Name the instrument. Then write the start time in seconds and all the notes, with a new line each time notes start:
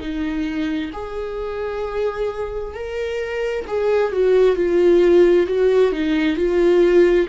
viola
0.00 D#4
0.93 G#4
2.74 A#4
3.68 G#4
4.13 F#4
4.56 F4
5.47 F#4
5.92 D#4
6.36 F4